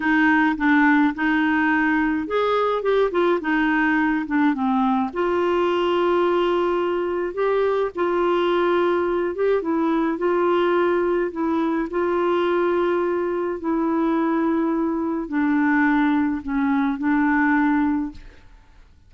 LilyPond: \new Staff \with { instrumentName = "clarinet" } { \time 4/4 \tempo 4 = 106 dis'4 d'4 dis'2 | gis'4 g'8 f'8 dis'4. d'8 | c'4 f'2.~ | f'4 g'4 f'2~ |
f'8 g'8 e'4 f'2 | e'4 f'2. | e'2. d'4~ | d'4 cis'4 d'2 | }